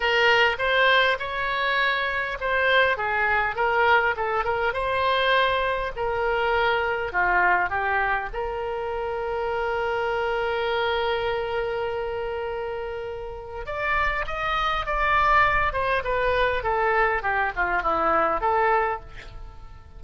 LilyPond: \new Staff \with { instrumentName = "oboe" } { \time 4/4 \tempo 4 = 101 ais'4 c''4 cis''2 | c''4 gis'4 ais'4 a'8 ais'8 | c''2 ais'2 | f'4 g'4 ais'2~ |
ais'1~ | ais'2. d''4 | dis''4 d''4. c''8 b'4 | a'4 g'8 f'8 e'4 a'4 | }